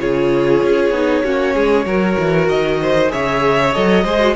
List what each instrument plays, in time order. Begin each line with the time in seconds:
0.00 cello C#3, viola F4, violin G#4 C#5
0.63 cello C#4
0.90 cello B3, viola D#4
1.24 cello A#3, viola C#4, violin F#4
1.54 cello G#3, violin G#4
1.86 cello F#3, viola F#4, violin A#4
2.19 cello E3
2.49 cello D#3, violin D#5
2.82 violin C5
3.09 cello C#3, viola G#4, violin C#5 E5
3.74 cello F#3, viola A4, violin D#5
4.04 cello G#3, viola G#4, violin C5
4.20 viola F#4